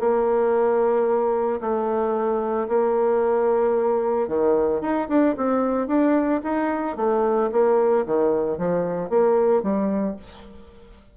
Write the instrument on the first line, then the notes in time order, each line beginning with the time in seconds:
bassoon
0.00 A#3
1.61 A3
2.69 A#3
4.28 D#3
4.81 D#4
5.09 D4
5.37 C4
5.88 D4
6.44 D#4
6.97 A3
7.52 A#3
8.06 D#3
8.58 F3
9.10 A#3
9.63 G3